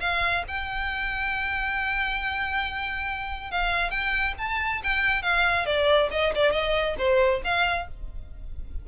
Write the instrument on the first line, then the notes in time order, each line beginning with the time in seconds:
violin
0.00 F5
0.47 G5
3.51 F5
3.90 G5
4.38 A5
4.83 G5
5.22 F5
5.66 D5
6.11 D#5
6.35 D5
6.52 D#5
6.98 C5
7.44 F5